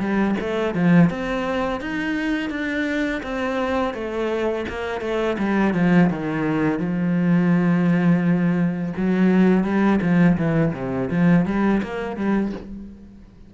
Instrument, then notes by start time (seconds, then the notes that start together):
cello
0.00 G3
0.41 A3
0.75 F3
1.10 C4
1.81 D#4
2.51 D4
3.23 C4
3.94 A3
4.69 A#3
5.01 A3
5.39 G3
5.75 F3
6.10 D#3
6.80 F3
8.97 F#3
9.64 G3
10.02 F3
10.38 E3
10.74 C3
11.11 F3
11.46 G3
11.83 A#3
12.17 G3